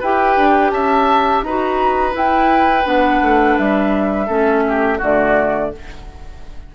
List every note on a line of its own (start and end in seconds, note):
0.00 0.37 E4
0.00 1.46 G4
0.00 0.71 B4
0.00 0.70 G5
0.37 0.71 D4
0.70 1.42 C#4
0.70 1.45 E5
0.70 1.42 A5
1.42 2.14 D#4
1.42 2.12 F#4
1.42 4.27 B4
1.42 2.15 A#5
2.12 2.83 E4
2.12 2.85 E4
2.12 2.87 G5
2.84 3.21 B3
2.84 4.27 D4
2.84 3.58 F#5
3.22 3.58 A3
3.58 4.28 G3
3.58 5.01 E5
4.27 5.00 A3
4.27 4.99 C#4
4.27 4.62 A4
4.68 4.98 G4
4.98 5.74 D3
4.98 5.73 A3
4.98 5.69 F#4
4.98 5.75 D5